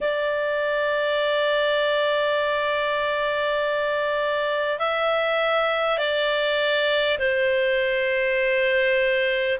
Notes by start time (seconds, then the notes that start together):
0.00 D5
4.79 E5
5.97 D5
7.18 C5